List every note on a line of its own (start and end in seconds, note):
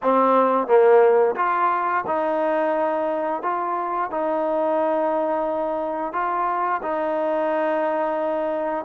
0.02 0.67 C4
0.67 1.35 A#3
1.36 2.04 F4
2.06 3.42 D#4
3.42 4.10 F4
4.10 6.12 D#4
6.12 6.81 F4
6.82 8.85 D#4